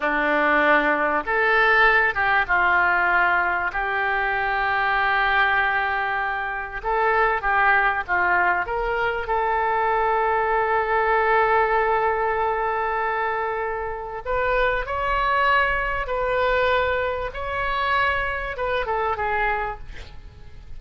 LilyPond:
\new Staff \with { instrumentName = "oboe" } { \time 4/4 \tempo 4 = 97 d'2 a'4. g'8 | f'2 g'2~ | g'2. a'4 | g'4 f'4 ais'4 a'4~ |
a'1~ | a'2. b'4 | cis''2 b'2 | cis''2 b'8 a'8 gis'4 | }